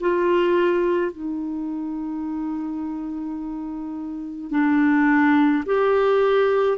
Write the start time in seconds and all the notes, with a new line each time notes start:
0.00 F4
1.12 D#4
4.51 D4
5.66 G4